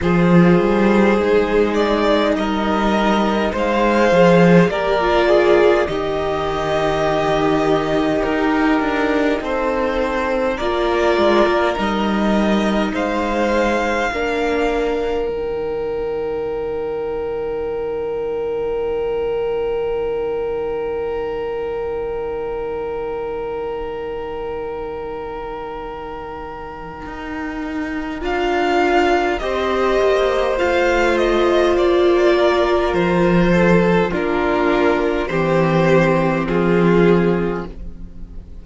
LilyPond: <<
  \new Staff \with { instrumentName = "violin" } { \time 4/4 \tempo 4 = 51 c''4. d''8 dis''4 f''4 | d''4 dis''2 ais'4 | c''4 d''4 dis''4 f''4~ | f''4 g''2.~ |
g''1~ | g''1 | f''4 dis''4 f''8 dis''8 d''4 | c''4 ais'4 c''4 gis'4 | }
  \new Staff \with { instrumentName = "violin" } { \time 4/4 gis'2 ais'4 c''4 | ais'8 gis'8 g'2. | a'4 ais'2 c''4 | ais'1~ |
ais'1~ | ais'1~ | ais'4 c''2~ c''8 ais'8~ | ais'8 a'8 f'4 g'4 f'4 | }
  \new Staff \with { instrumentName = "viola" } { \time 4/4 f'4 dis'2~ dis'8 gis'8 | g'16 f'8. dis'2.~ | dis'4 f'4 dis'2 | d'4 dis'2.~ |
dis'1~ | dis'1 | f'4 g'4 f'2~ | f'4 d'4 c'2 | }
  \new Staff \with { instrumentName = "cello" } { \time 4/4 f8 g8 gis4 g4 gis8 f8 | ais4 dis2 dis'8 d'8 | c'4 ais8 gis16 ais16 g4 gis4 | ais4 dis2.~ |
dis1~ | dis2. dis'4 | d'4 c'8 ais8 a4 ais4 | f4 ais4 e4 f4 | }
>>